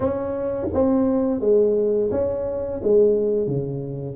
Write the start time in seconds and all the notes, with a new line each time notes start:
0.00 C#4
0.73 C4
1.40 G#3
2.11 C#4
2.83 G#3
3.47 C#3